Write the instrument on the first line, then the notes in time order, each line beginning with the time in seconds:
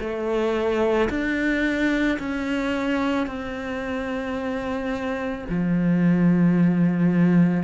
cello
0.00 A3
1.09 D4
2.19 C#4
3.27 C4
5.49 F3